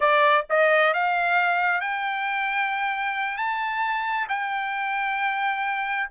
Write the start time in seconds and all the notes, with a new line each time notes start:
0.00 D5
0.49 D#5
0.93 F5
1.80 G5
3.37 A5
4.29 G5